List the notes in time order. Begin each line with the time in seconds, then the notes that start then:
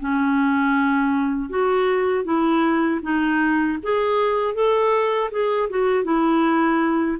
0.00 C#4
1.49 F#4
2.24 E4
3.02 D#4
3.83 G#4
4.54 A4
5.31 G#4
5.70 F#4
6.04 E4